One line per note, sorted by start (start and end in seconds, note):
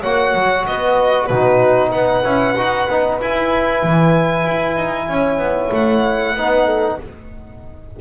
0.00 0.35 A#3
0.00 1.31 F#4
0.00 0.63 C#5
0.00 0.66 F#5
0.35 0.66 F#3
0.67 1.30 B3
0.67 1.29 B4
0.67 1.26 D#5
1.26 1.92 B2
1.26 2.24 D#4
1.26 1.89 F#4
1.26 1.89 B4
1.89 2.24 B3
1.89 5.05 B4
1.89 3.18 F#5
2.24 2.56 C#4
2.24 2.56 E4
2.57 2.88 D#4
2.57 2.89 F#4
2.89 3.21 B3
2.89 3.22 D#4
3.21 3.83 E4
3.21 6.38 E4
3.21 5.74 G#5
3.83 4.46 E3
4.46 4.76 E4
4.76 5.08 D#4
5.09 5.38 C#4
5.09 6.36 C#5
5.38 5.70 B3
5.72 6.35 A3
5.72 7.00 F#5
6.35 6.98 B3
6.35 7.01 D#4
6.35 6.66 B4
6.66 6.97 A4